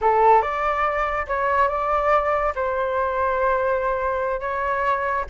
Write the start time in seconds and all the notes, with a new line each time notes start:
0.01 A4
0.41 D5
1.27 C#5
1.68 D5
2.55 C5
4.40 C#5